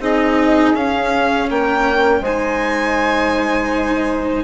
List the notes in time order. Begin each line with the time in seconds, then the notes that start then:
0.00 C4 D#4 G#4 D#5
0.75 C#4 F5
1.50 A#3 A#4 G5
2.21 G#3 D#4 C5 G#5